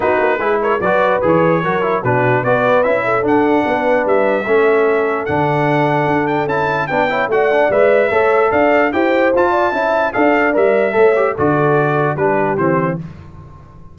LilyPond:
<<
  \new Staff \with { instrumentName = "trumpet" } { \time 4/4 \tempo 4 = 148 b'4. cis''8 d''4 cis''4~ | cis''4 b'4 d''4 e''4 | fis''2 e''2~ | e''4 fis''2~ fis''8 g''8 |
a''4 g''4 fis''4 e''4~ | e''4 f''4 g''4 a''4~ | a''4 f''4 e''2 | d''2 b'4 c''4 | }
  \new Staff \with { instrumentName = "horn" } { \time 4/4 fis'4 gis'8 ais'8 b'2 | ais'4 fis'4 b'4. a'8~ | a'4 b'2 a'4~ | a'1~ |
a'4 b'8 cis''8 d''2 | cis''4 d''4 c''4. d''8 | e''4 d''2 cis''4 | a'2 g'2 | }
  \new Staff \with { instrumentName = "trombone" } { \time 4/4 dis'4 e'4 fis'4 gis'4 | fis'8 e'8 d'4 fis'4 e'4 | d'2. cis'4~ | cis'4 d'2. |
e'4 d'8 e'8 fis'8 d'8 b'4 | a'2 g'4 f'4 | e'4 a'4 ais'4 a'8 g'8 | fis'2 d'4 c'4 | }
  \new Staff \with { instrumentName = "tuba" } { \time 4/4 b8 ais8 gis4 fis4 e4 | fis4 b,4 b4 cis'4 | d'4 b4 g4 a4~ | a4 d2 d'4 |
cis'4 b4 a4 gis4 | a4 d'4 e'4 f'4 | cis'4 d'4 g4 a4 | d2 g4 e4 | }
>>